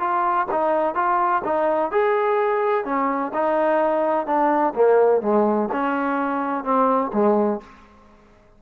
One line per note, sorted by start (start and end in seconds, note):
0.00 0.47 F4
0.52 0.95 D#4
0.95 1.42 F4
1.45 1.92 D#4
1.92 2.85 G#4
2.85 3.32 C#4
3.34 4.27 D#4
4.27 4.74 D4
4.75 5.22 A#3
5.22 5.69 G#3
5.73 6.64 C#4
6.64 7.11 C4
7.13 7.61 G#3